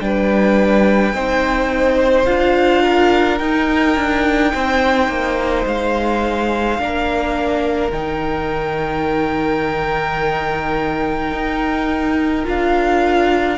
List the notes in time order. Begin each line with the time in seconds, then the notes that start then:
0.00 G3 D4 B4 G5
1.13 C4 D#4 C5
2.26 D4 F4 F5
2.83 A#4
3.38 D#4 G5
3.96 D4
4.54 C4 C5
5.08 A#3
5.66 G#3 F5
6.79 A#3 D4 A#4
7.91 D#3 D#4 G5
11.32 D#4
12.44 D4 F4 F5